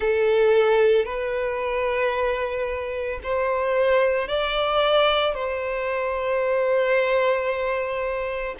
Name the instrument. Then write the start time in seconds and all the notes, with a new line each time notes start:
violin
0.00 A4
1.05 B4
3.23 C5
4.28 D5
5.34 C5